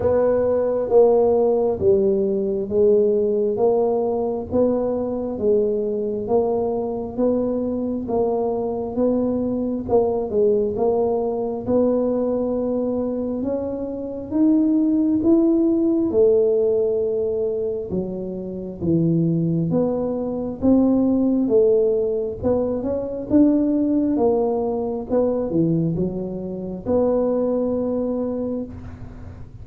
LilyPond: \new Staff \with { instrumentName = "tuba" } { \time 4/4 \tempo 4 = 67 b4 ais4 g4 gis4 | ais4 b4 gis4 ais4 | b4 ais4 b4 ais8 gis8 | ais4 b2 cis'4 |
dis'4 e'4 a2 | fis4 e4 b4 c'4 | a4 b8 cis'8 d'4 ais4 | b8 e8 fis4 b2 | }